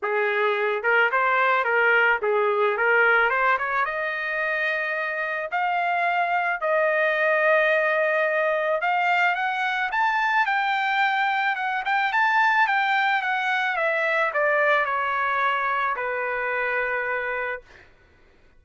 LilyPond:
\new Staff \with { instrumentName = "trumpet" } { \time 4/4 \tempo 4 = 109 gis'4. ais'8 c''4 ais'4 | gis'4 ais'4 c''8 cis''8 dis''4~ | dis''2 f''2 | dis''1 |
f''4 fis''4 a''4 g''4~ | g''4 fis''8 g''8 a''4 g''4 | fis''4 e''4 d''4 cis''4~ | cis''4 b'2. | }